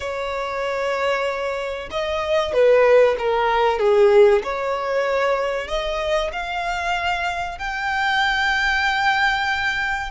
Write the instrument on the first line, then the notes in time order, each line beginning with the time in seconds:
violin
0.00 C#5
1.90 D#5
2.53 B4
3.18 A#4
3.79 G#4
4.43 C#5
5.67 D#5
6.32 F5
7.58 G5